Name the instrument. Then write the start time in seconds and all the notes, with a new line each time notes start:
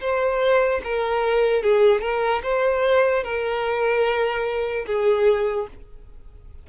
violin
0.00 C5
0.84 A#4
1.63 G#4
2.01 A#4
2.43 C5
3.24 A#4
4.86 G#4